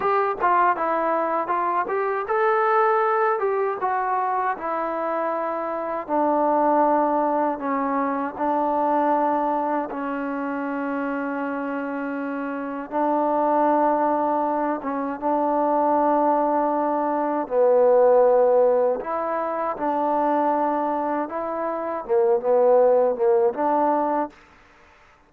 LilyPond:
\new Staff \with { instrumentName = "trombone" } { \time 4/4 \tempo 4 = 79 g'8 f'8 e'4 f'8 g'8 a'4~ | a'8 g'8 fis'4 e'2 | d'2 cis'4 d'4~ | d'4 cis'2.~ |
cis'4 d'2~ d'8 cis'8 | d'2. b4~ | b4 e'4 d'2 | e'4 ais8 b4 ais8 d'4 | }